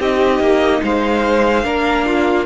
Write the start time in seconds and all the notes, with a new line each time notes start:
0.00 C4 D#4 G4 D#5
0.40 A#3
0.83 G#3 C5 F5
1.64 A#3 D4 A#4
2.06 F4